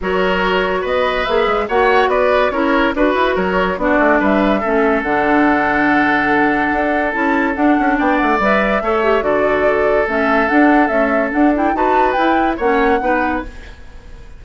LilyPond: <<
  \new Staff \with { instrumentName = "flute" } { \time 4/4 \tempo 4 = 143 cis''2 dis''4 e''4 | fis''4 d''4 cis''4 b'4 | cis''4 d''4 e''2 | fis''1~ |
fis''4 a''4 fis''4 g''8 fis''8 | e''2 d''2 | e''4 fis''4 e''4 fis''8 g''8 | a''4 g''4 fis''2 | }
  \new Staff \with { instrumentName = "oboe" } { \time 4/4 ais'2 b'2 | cis''4 b'4 ais'4 b'4 | ais'4 fis'4 b'4 a'4~ | a'1~ |
a'2. d''4~ | d''4 cis''4 a'2~ | a'1 | b'2 cis''4 b'4 | }
  \new Staff \with { instrumentName = "clarinet" } { \time 4/4 fis'2. gis'4 | fis'2 e'4 fis'4~ | fis'4 d'2 cis'4 | d'1~ |
d'4 e'4 d'2 | b'4 a'8 g'8 fis'2 | cis'4 d'4 a4 d'8 e'8 | fis'4 e'4 cis'4 dis'4 | }
  \new Staff \with { instrumentName = "bassoon" } { \time 4/4 fis2 b4 ais8 gis8 | ais4 b4 cis'4 d'8 e'8 | fis4 b8 a8 g4 a4 | d1 |
d'4 cis'4 d'8 cis'8 b8 a8 | g4 a4 d2 | a4 d'4 cis'4 d'4 | dis'4 e'4 ais4 b4 | }
>>